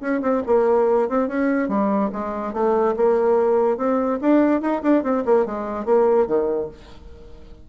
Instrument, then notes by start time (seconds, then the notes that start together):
bassoon
0.00 C#4
0.21 C4
0.46 A#3
1.08 C4
1.27 C#4
1.68 G3
2.12 G#3
2.53 A3
2.96 A#3
3.77 C4
4.21 D4
4.61 D#4
4.82 D4
5.03 C4
5.25 A#3
5.45 G#3
5.85 A#3
6.26 D#3